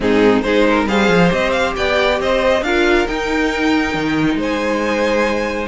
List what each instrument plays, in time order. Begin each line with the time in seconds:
0.00 cello G#2, viola C4, violin D#4 G#4
0.41 cello G#3, viola D#4, violin G#4 C5
0.69 violin A#4
0.86 cello G3, viola G#4, violin C5 F5
1.08 cello F3
1.29 cello C4, viola G4, violin D#5
1.51 violin F5
1.75 cello B3, violin D5 G5
2.19 cello C4, violin C5 D#5
2.61 cello D4, viola F4, violin A#4 F5
3.07 viola D#4, cello D#4, violin G5
3.94 cello D#3
4.35 cello G#3, violin C5
4.42 violin G#5